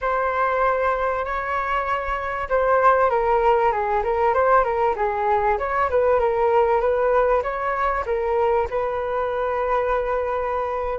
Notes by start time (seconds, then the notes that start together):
0.01 C5
1.25 C#5
2.49 C5
3.10 A#4
3.71 G#4
4.03 A#4
4.34 C5
4.64 A#4
4.96 G#4
5.58 C#5
5.90 B4
6.19 A#4
6.80 B4
7.42 C#5
8.06 A#4
8.69 B4